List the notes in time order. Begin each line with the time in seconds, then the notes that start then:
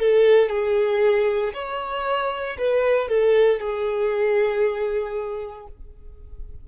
0.00 A4
0.50 G#4
1.54 C#5
2.58 B4
3.09 A4
3.61 G#4